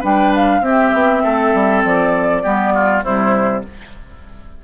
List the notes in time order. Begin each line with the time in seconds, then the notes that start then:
0.00 G3 D4 B4 G5
0.35 F5
0.61 C4 G4 E5
0.94 B3
1.24 A3 A4
1.54 G3
1.85 F3 D5
2.43 G3 B3 G4
2.75 F4
3.04 C3 G3 E4 C5